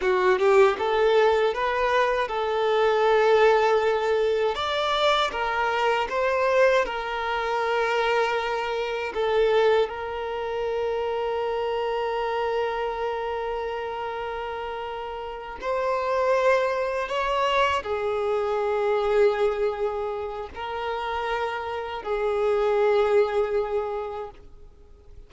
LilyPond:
\new Staff \with { instrumentName = "violin" } { \time 4/4 \tempo 4 = 79 fis'8 g'8 a'4 b'4 a'4~ | a'2 d''4 ais'4 | c''4 ais'2. | a'4 ais'2.~ |
ais'1~ | ais'8 c''2 cis''4 gis'8~ | gis'2. ais'4~ | ais'4 gis'2. | }